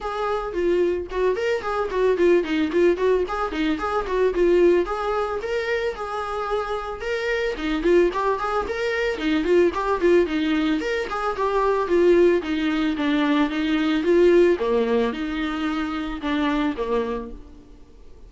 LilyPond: \new Staff \with { instrumentName = "viola" } { \time 4/4 \tempo 4 = 111 gis'4 f'4 fis'8 ais'8 gis'8 fis'8 | f'8 dis'8 f'8 fis'8 gis'8 dis'8 gis'8 fis'8 | f'4 gis'4 ais'4 gis'4~ | gis'4 ais'4 dis'8 f'8 g'8 gis'8 |
ais'4 dis'8 f'8 g'8 f'8 dis'4 | ais'8 gis'8 g'4 f'4 dis'4 | d'4 dis'4 f'4 ais4 | dis'2 d'4 ais4 | }